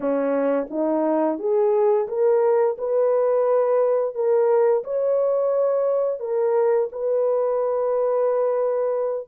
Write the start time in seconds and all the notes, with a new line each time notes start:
0.00 C#4
0.70 D#4
1.38 G#4
2.08 A#4
2.78 B4
4.14 A#4
4.84 C#5
6.19 A#4
6.92 B4